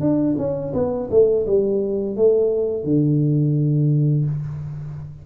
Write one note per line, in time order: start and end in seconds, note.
0.00 0.35 D4
0.38 0.73 C#4
0.73 1.09 B3
1.10 1.46 A3
1.46 2.16 G3
2.16 2.84 A3
2.84 4.25 D3